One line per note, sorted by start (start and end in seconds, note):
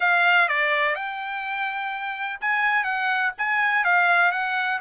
0.00 0.48 F5
0.48 0.95 D5
0.95 2.39 G5
2.40 2.84 G#5
2.84 3.32 F#5
3.37 3.84 G#5
3.84 4.31 F5
4.31 4.79 F#5